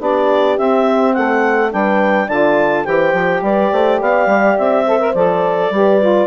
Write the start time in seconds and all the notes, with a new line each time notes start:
0.00 B3 D4 G4 D5
0.57 C4 E5
1.14 A3 A4 F#5
1.70 G3 D4 B4 G5
2.27 D3 F4 D5 A5
2.84 E3 G4 C5 G5
3.13 F3
3.42 G3 B4 D5
3.72 A3 C5
4.00 B3 D5 F5
4.27 G3
4.58 C4 E5
4.87 A4 C5
5.00 A#4
5.15 F3 A4 D5
5.71 G3 G4 B4
6.01 F4